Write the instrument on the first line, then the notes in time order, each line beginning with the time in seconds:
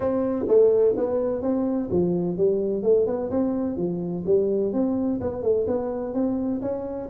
tuba
0.00 C4
0.47 A3
0.96 B3
1.42 C4
1.90 F3
2.37 G3
2.83 A3
3.06 B3
3.30 C4
3.76 F3
4.25 G3
4.72 C4
5.20 B3
5.42 A3
5.67 B3
6.14 C4
6.61 C#4